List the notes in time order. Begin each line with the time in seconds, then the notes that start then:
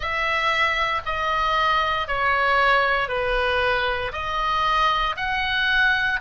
0.00 E5
1.05 D#5
2.07 C#5
3.08 B4
4.12 D#5
5.16 F#5